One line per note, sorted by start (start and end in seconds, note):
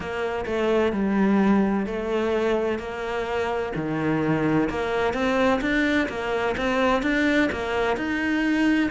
0.00 0.45 A#3
0.45 0.92 A3
0.92 1.86 G3
1.86 2.78 A3
2.78 3.72 A#3
3.75 4.69 D#3
4.69 5.13 A#3
5.13 5.60 C4
5.61 6.08 D4
6.09 6.55 A#3
6.57 7.02 C4
7.02 7.49 D4
7.52 7.96 A#3
7.96 8.90 D#4